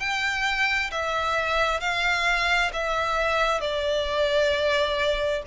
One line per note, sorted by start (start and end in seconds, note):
0.00 0.91 G5
0.91 1.80 E5
1.80 2.71 F5
2.73 3.61 E5
3.61 5.43 D5